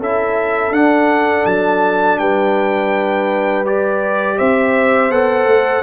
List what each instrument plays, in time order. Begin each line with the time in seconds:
0.00 tuba C#4, trombone E4, horn A4, trumpet E5
0.71 tuba D4, trombone D4, trumpet F#5
1.46 tuba F#3, trumpet A5
2.19 tuba G3, horn B4, trumpet G5
3.66 trombone G4, trumpet D5
4.38 tuba C4, horn C5, trumpet E5
5.10 tuba B3, trombone A4, trumpet F#5
5.46 tuba A3